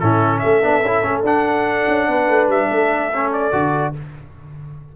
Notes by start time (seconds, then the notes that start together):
0.00 A2 C#4 E4 A4
0.39 A4 E5
0.46 A3
0.62 B3 D4
0.82 C#4 E4
1.03 A3 C#4
1.23 D4 F#5
1.88 C#4
2.09 B3 B4
2.29 A3
2.48 G3 E5
2.70 A3 A4
3.14 C#4
3.33 D5
3.52 D3 F#4